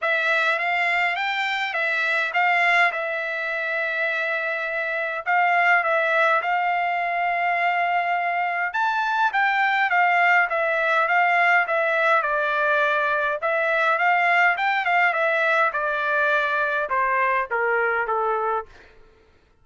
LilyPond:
\new Staff \with { instrumentName = "trumpet" } { \time 4/4 \tempo 4 = 103 e''4 f''4 g''4 e''4 | f''4 e''2.~ | e''4 f''4 e''4 f''4~ | f''2. a''4 |
g''4 f''4 e''4 f''4 | e''4 d''2 e''4 | f''4 g''8 f''8 e''4 d''4~ | d''4 c''4 ais'4 a'4 | }